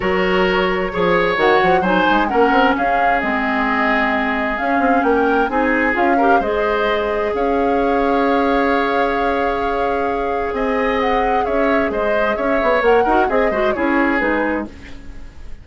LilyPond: <<
  \new Staff \with { instrumentName = "flute" } { \time 4/4 \tempo 4 = 131 cis''2. fis''4 | gis''4 fis''4 f''4 dis''4~ | dis''2 f''4 g''4 | gis''4 f''4 dis''2 |
f''1~ | f''2. gis''4 | fis''4 e''4 dis''4 e''4 | fis''4 dis''4 cis''4 b'4 | }
  \new Staff \with { instrumentName = "oboe" } { \time 4/4 ais'2 cis''2 | c''4 ais'4 gis'2~ | gis'2. ais'4 | gis'4. ais'8 c''2 |
cis''1~ | cis''2. dis''4~ | dis''4 cis''4 c''4 cis''4~ | cis''8 ais'8 gis'8 c''8 gis'2 | }
  \new Staff \with { instrumentName = "clarinet" } { \time 4/4 fis'2 gis'4 fis'4 | dis'4 cis'2 c'4~ | c'2 cis'2 | dis'4 f'8 g'8 gis'2~ |
gis'1~ | gis'1~ | gis'1 | ais'8 fis'8 gis'8 fis'8 e'4 dis'4 | }
  \new Staff \with { instrumentName = "bassoon" } { \time 4/4 fis2 f4 dis8 f8 | fis8 gis8 ais8 c'8 cis'4 gis4~ | gis2 cis'8 c'8 ais4 | c'4 cis'4 gis2 |
cis'1~ | cis'2. c'4~ | c'4 cis'4 gis4 cis'8 b8 | ais8 dis'8 c'8 gis8 cis'4 gis4 | }
>>